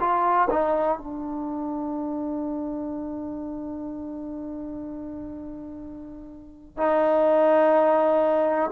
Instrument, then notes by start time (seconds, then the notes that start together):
trombone
0.00 F4
0.50 D#4
0.98 D4
6.77 D#4